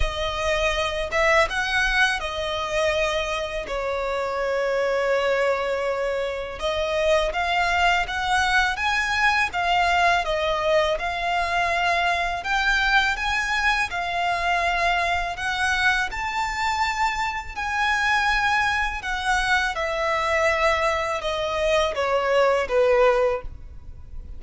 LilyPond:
\new Staff \with { instrumentName = "violin" } { \time 4/4 \tempo 4 = 82 dis''4. e''8 fis''4 dis''4~ | dis''4 cis''2.~ | cis''4 dis''4 f''4 fis''4 | gis''4 f''4 dis''4 f''4~ |
f''4 g''4 gis''4 f''4~ | f''4 fis''4 a''2 | gis''2 fis''4 e''4~ | e''4 dis''4 cis''4 b'4 | }